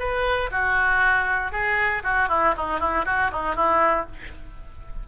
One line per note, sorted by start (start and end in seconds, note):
0.00 0.51 B4
0.52 1.52 F#4
1.52 2.03 G#4
2.04 2.29 F#4
2.29 2.54 E4
2.57 2.80 D#4
2.80 3.06 E4
3.06 3.31 F#4
3.32 3.56 D#4
3.56 4.07 E4